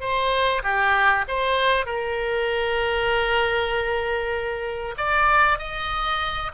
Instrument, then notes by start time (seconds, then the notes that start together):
oboe
0.00 C5
0.63 G4
1.28 C5
1.86 A#4
4.97 D5
5.58 D#5